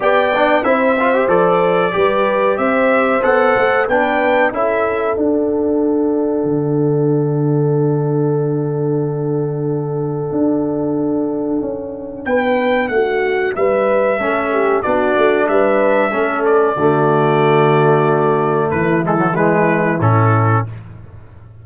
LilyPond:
<<
  \new Staff \with { instrumentName = "trumpet" } { \time 4/4 \tempo 4 = 93 g''4 e''4 d''2 | e''4 fis''4 g''4 e''4 | fis''1~ | fis''1~ |
fis''2. g''4 | fis''4 e''2 d''4 | e''4. d''2~ d''8~ | d''4 b'8 a'8 b'4 a'4 | }
  \new Staff \with { instrumentName = "horn" } { \time 4/4 d''4 c''2 b'4 | c''2 b'4 a'4~ | a'1~ | a'1~ |
a'2. b'4 | fis'4 b'4 a'8 g'8 fis'4 | b'4 a'4 fis'2~ | fis'4 e'2. | }
  \new Staff \with { instrumentName = "trombone" } { \time 4/4 g'8 d'8 e'8 f'16 g'16 a'4 g'4~ | g'4 a'4 d'4 e'4 | d'1~ | d'1~ |
d'1~ | d'2 cis'4 d'4~ | d'4 cis'4 a2~ | a4. gis16 fis16 gis4 cis'4 | }
  \new Staff \with { instrumentName = "tuba" } { \time 4/4 b4 c'4 f4 g4 | c'4 b8 a8 b4 cis'4 | d'2 d2~ | d1 |
d'2 cis'4 b4 | a4 g4 a4 b8 a8 | g4 a4 d2~ | d4 e2 a,4 | }
>>